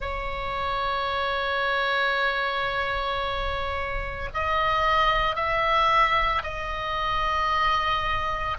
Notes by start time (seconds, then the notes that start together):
0.00 C#5
4.33 D#5
5.35 E5
6.43 D#5